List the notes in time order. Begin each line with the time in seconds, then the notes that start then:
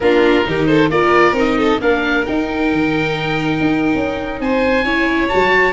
0.00 A#3 D4 F4 A#4
0.44 D#3 D#4 G4
0.66 A4 C5
0.89 A#3 F4 A#4 D5
1.32 C4 D#4
1.38 D#5
1.58 A4
1.80 A#3 D4 A#4 F5
2.25 D#4 G5
2.71 D#3
3.60 D#4
3.94 C#4
4.39 C4 C5 G#5
4.83 C#4 E4 C#5
5.28 F#3 F#4 A5